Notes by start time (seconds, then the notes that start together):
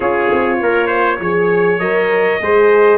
0.00 C#4 F4 G#4 C#5
0.31 C4
0.60 A#3 A#4
0.86 C5
1.20 F3 G#4 C#5
1.79 F#3 A#4 D#5
2.40 G#3 G#4 C5